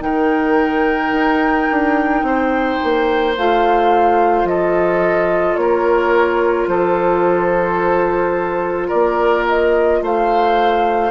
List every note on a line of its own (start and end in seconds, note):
0.00 1.12 D#3
0.00 3.33 D#4
0.00 2.27 A#4
0.00 3.35 G5
1.12 1.68 D#4
1.72 2.23 D4
2.23 2.78 C4
2.23 4.49 C5
2.84 3.38 A#3
3.38 4.45 A3
3.38 11.11 F4
3.38 4.48 F5
4.45 5.56 F3
4.45 5.61 A4
4.45 5.56 D#5
5.56 6.68 A#3
5.56 6.70 A#4
5.56 6.68 C#5
6.68 8.90 F3
6.68 8.88 A4
6.68 8.90 C5
8.88 10.02 A#3
8.88 9.99 A#4
8.88 9.45 D5
9.48 10.04 D#5
10.02 11.11 A3
10.02 11.11 C5
10.02 11.11 F5